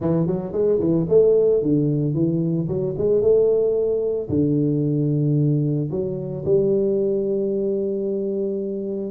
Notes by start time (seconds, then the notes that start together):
0.00 E3
0.27 F#3
0.52 G#3
0.79 E3
1.08 A3
1.62 D3
2.14 E3
2.68 F#3
2.97 G#3
3.21 A3
4.29 D3
5.91 F#3
6.45 G3